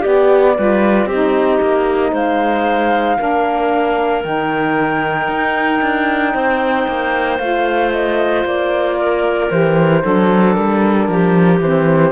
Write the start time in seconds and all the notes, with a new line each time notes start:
0.00 B3 G4 D5
0.55 G3 F4 B4
1.06 C4 D#4 G4 D#5
1.62 A#3
2.11 G#3 C5 F5
3.18 A#3 D4 A#4
4.23 D#3 D#4 G5
5.28 D#4
5.82 D4
6.34 C4 C5
6.87 A#3
7.39 A3 F4 F5
7.92 D#5
8.45 A#3 D5
8.98 A#4
9.50 E3 G4 C5
10.01 F#3 D4 A4
10.54 G3 A#4
11.08 F3 G4
11.60 E3 C4 C5